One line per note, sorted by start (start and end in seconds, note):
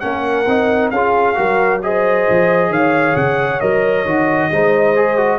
0.00 0.47 A#3
0.00 0.46 C#4
0.00 0.93 A#4
0.00 0.90 F#5
0.47 0.91 C4
0.47 0.94 D#4
0.91 1.36 C#4
0.91 1.35 F4
0.91 1.37 G#4
0.91 1.80 F5
1.35 2.28 F#3
1.35 1.80 F#4
1.35 1.82 A#4
1.83 3.61 G#4
1.83 2.71 C5
1.83 2.73 D#5
2.30 2.70 F3
2.70 3.15 D#3
2.70 4.50 C#5
2.70 3.17 F5
3.16 3.61 C#3
3.16 3.61 F#5
3.61 4.05 F#3
3.61 4.06 A#4
3.61 5.40 D#5
4.05 4.50 D#3
4.05 4.51 F#4
4.51 5.40 G#3
4.51 4.96 D#4
4.51 5.40 C5
4.96 5.18 G#4
5.18 5.40 F#4